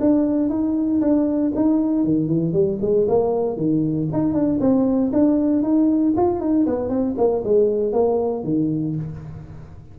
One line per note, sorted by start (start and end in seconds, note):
0.00 0.49 D4
0.49 1.00 D#4
1.01 1.52 D4
1.55 2.04 D#4
2.04 2.27 D#3
2.27 2.53 E3
2.53 2.78 G3
2.81 3.07 G#3
3.08 3.56 A#3
3.56 4.08 D#3
4.13 4.33 D#4
4.33 4.59 D4
4.60 5.11 C4
5.13 5.62 D4
5.62 6.14 D#4
6.17 6.40 F4
6.40 6.65 D#4
6.66 6.89 B3
6.89 7.14 C4
7.17 7.43 A#3
7.44 7.93 G#3
7.93 8.44 A#3
8.44 8.95 D#3